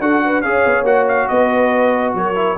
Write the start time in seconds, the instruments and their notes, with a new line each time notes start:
0.00 tuba D4, trombone F#4, horn A4, trumpet F#5
0.24 horn B4
0.42 tuba C#4, trombone G#4, horn C#5, trumpet F5
0.65 tuba B3
0.82 tuba A#3, trombone F#4, trumpet F#5
1.08 trumpet F5
1.28 tuba B3, horn B4, trumpet D#5
2.14 tuba F#3, horn A#4, trumpet C#5
2.34 trombone E4